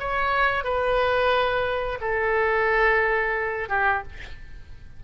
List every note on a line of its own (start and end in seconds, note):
0.00 0.64 C#5
0.64 1.99 B4
2.01 3.69 A4
3.69 4.03 G4